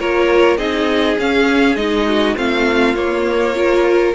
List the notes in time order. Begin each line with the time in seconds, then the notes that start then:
0.00 A#3 F4 A#4 C#5
0.58 C4 D#4 G#4 D#5
1.19 C#4 F5
1.76 G#3 D#4 D#5
2.08 F#4
2.36 A3 C4 F4 F5
2.95 A#3 C#5
3.55 F4 A#4